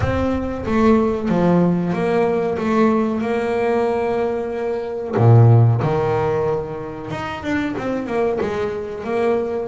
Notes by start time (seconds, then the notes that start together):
0.00 C4
0.65 A3
1.28 F3
1.93 A#3
2.57 A3
3.21 A#3
5.16 A#2
5.82 D#3
7.11 D#4
7.43 D4
7.77 C4
8.06 A#3
8.40 G#3
9.04 A#3